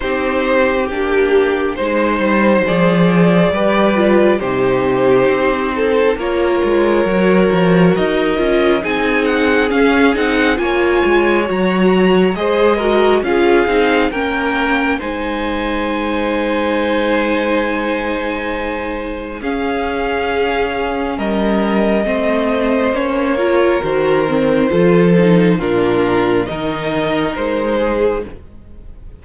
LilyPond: <<
  \new Staff \with { instrumentName = "violin" } { \time 4/4 \tempo 4 = 68 c''4 g'4 c''4 d''4~ | d''4 c''2 cis''4~ | cis''4 dis''4 gis''8 fis''8 f''8 fis''8 | gis''4 ais''4 dis''4 f''4 |
g''4 gis''2.~ | gis''2 f''2 | dis''2 cis''4 c''4~ | c''4 ais'4 dis''4 c''4 | }
  \new Staff \with { instrumentName = "violin" } { \time 4/4 g'2 c''2 | b'4 g'4. a'8 ais'4~ | ais'2 gis'2 | cis''2 c''8 ais'8 gis'4 |
ais'4 c''2.~ | c''2 gis'2 | ais'4 c''4. ais'4. | a'4 f'4 ais'4. gis'8 | }
  \new Staff \with { instrumentName = "viola" } { \time 4/4 dis'4 d'4 dis'4 gis'4 | g'8 f'8 dis'2 f'4 | fis'4. f'8 dis'4 cis'8 dis'8 | f'4 fis'4 gis'8 fis'8 f'8 dis'8 |
cis'4 dis'2.~ | dis'2 cis'2~ | cis'4 c'4 cis'8 f'8 fis'8 c'8 | f'8 dis'8 d'4 dis'2 | }
  \new Staff \with { instrumentName = "cello" } { \time 4/4 c'4 ais4 gis8 g8 f4 | g4 c4 c'4 ais8 gis8 | fis8 f8 dis'8 cis'8 c'4 cis'8 c'8 | ais8 gis8 fis4 gis4 cis'8 c'8 |
ais4 gis2.~ | gis2 cis'2 | g4 a4 ais4 dis4 | f4 ais,4 dis4 gis4 | }
>>